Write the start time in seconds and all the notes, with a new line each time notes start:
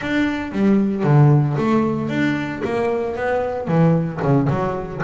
0.01 D4
0.52 G3
1.03 D3
1.57 A3
2.09 D4
2.64 A#3
3.15 B3
3.67 E3
4.22 C#3
4.49 F#3